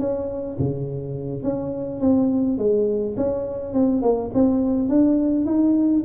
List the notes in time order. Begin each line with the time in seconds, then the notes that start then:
0.00 C#4
0.60 C#3
1.44 C#4
2.01 C4
2.58 G#3
3.17 C#4
3.74 C4
4.02 A#3
4.34 C4
4.89 D4
5.46 D#4